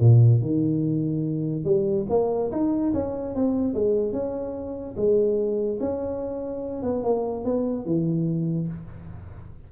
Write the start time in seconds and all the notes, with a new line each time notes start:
0.00 A#2
0.41 D#3
1.65 G3
2.10 A#3
2.51 D#4
2.94 C#4
3.35 C4
3.74 G#3
4.13 C#4
4.96 G#3
5.80 C#4
6.83 B3
7.03 A#3
7.44 B3
7.86 E3